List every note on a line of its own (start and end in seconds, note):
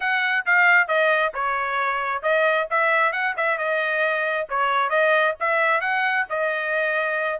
0.00 0.45 F#5
0.45 0.87 F5
0.87 1.32 D#5
1.34 2.22 C#5
2.22 2.67 D#5
2.70 3.12 E5
3.12 3.34 F#5
3.36 3.58 E5
3.58 4.47 D#5
4.49 4.89 C#5
4.89 5.34 D#5
5.40 5.81 E5
5.81 6.25 F#5
6.29 7.40 D#5